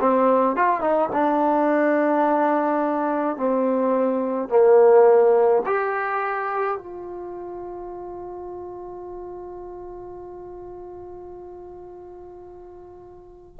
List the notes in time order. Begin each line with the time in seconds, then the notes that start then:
0.00 C4
0.56 F4
0.81 D#4
1.12 D4
3.37 C4
4.49 A#3
5.66 G4
6.77 F4